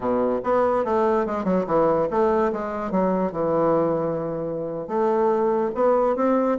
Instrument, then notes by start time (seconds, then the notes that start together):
bassoon
0.00 B2
0.43 B3
0.84 A3
1.26 G#3
1.44 F#3
1.66 E3
2.10 A3
2.52 G#3
2.91 F#3
3.32 E3
4.87 A3
5.74 B3
6.16 C4